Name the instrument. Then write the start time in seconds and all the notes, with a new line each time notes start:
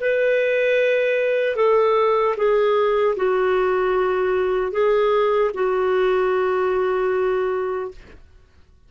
clarinet
0.00 B4
1.56 A4
2.36 G#4
3.16 F#4
4.72 G#4
5.54 F#4